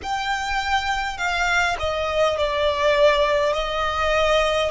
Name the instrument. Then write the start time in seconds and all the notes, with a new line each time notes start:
violin
0.02 G5
1.17 F5
1.79 D#5
2.37 D5
3.53 D#5